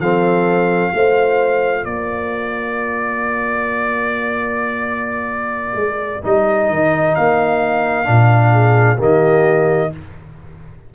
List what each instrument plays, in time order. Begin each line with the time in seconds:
0.00 tuba F3, trombone C4, horn A4, trumpet F5
0.94 tuba A3, trombone F4, horn C5
1.83 tuba A#3, horn A#4, trumpet D5
5.75 tuba G#3
6.22 tuba G3, trombone D#4, trumpet D#5
6.70 tuba D#3
7.15 tuba A#3, trumpet F5
8.05 tuba A#2, trombone D4
8.52 horn G#4
8.98 tuba D#3, trombone A#3, horn G4, trumpet D#5